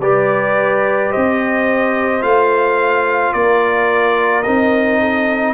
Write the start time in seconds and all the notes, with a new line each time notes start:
0.00 G3 G4 B4 D5
1.12 C4 C5 D#5
2.21 A3 F4 F5
3.33 A#3 A#4 D5
4.43 C4 D#4 D#5
5.01 A4